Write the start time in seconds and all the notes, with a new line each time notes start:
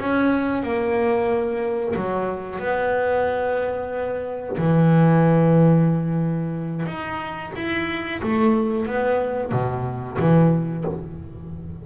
0.00 C#4
0.63 A#3
1.96 F#3
2.60 B3
4.58 E3
6.86 D#4
7.56 E4
8.23 A3
8.87 B3
9.52 B2
10.19 E3